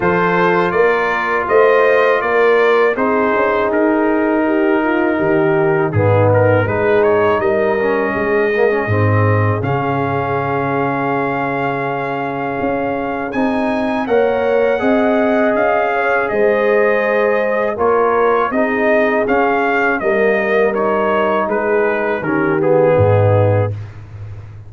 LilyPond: <<
  \new Staff \with { instrumentName = "trumpet" } { \time 4/4 \tempo 4 = 81 c''4 d''4 dis''4 d''4 | c''4 ais'2. | gis'8 ais'8 b'8 cis''8 dis''2~ | dis''4 f''2.~ |
f''2 gis''4 fis''4~ | fis''4 f''4 dis''2 | cis''4 dis''4 f''4 dis''4 | cis''4 b'4 ais'8 gis'4. | }
  \new Staff \with { instrumentName = "horn" } { \time 4/4 a'4 ais'4 c''4 ais'4 | gis'2 g'8 f'8 g'4 | dis'4 gis'4 ais'4 gis'4~ | gis'1~ |
gis'2. cis''4 | dis''4. cis''8 c''2 | ais'4 gis'2 ais'4~ | ais'4 gis'4 g'4 dis'4 | }
  \new Staff \with { instrumentName = "trombone" } { \time 4/4 f'1 | dis'1 | b4 dis'4. cis'4 ais16 cis'16 | c'4 cis'2.~ |
cis'2 dis'4 ais'4 | gis'1 | f'4 dis'4 cis'4 ais4 | dis'2 cis'8 b4. | }
  \new Staff \with { instrumentName = "tuba" } { \time 4/4 f4 ais4 a4 ais4 | c'8 cis'8 dis'2 dis4 | gis,4 gis4 g4 gis4 | gis,4 cis2.~ |
cis4 cis'4 c'4 ais4 | c'4 cis'4 gis2 | ais4 c'4 cis'4 g4~ | g4 gis4 dis4 gis,4 | }
>>